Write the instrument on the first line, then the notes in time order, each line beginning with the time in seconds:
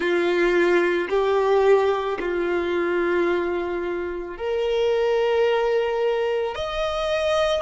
violin
0.00 F4
1.09 G4
2.19 F4
4.37 A#4
6.55 D#5